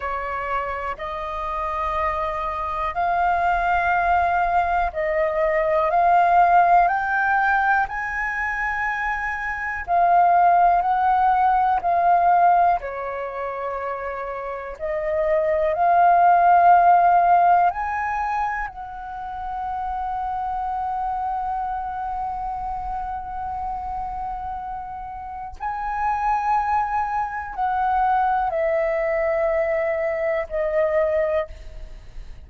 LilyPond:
\new Staff \with { instrumentName = "flute" } { \time 4/4 \tempo 4 = 61 cis''4 dis''2 f''4~ | f''4 dis''4 f''4 g''4 | gis''2 f''4 fis''4 | f''4 cis''2 dis''4 |
f''2 gis''4 fis''4~ | fis''1~ | fis''2 gis''2 | fis''4 e''2 dis''4 | }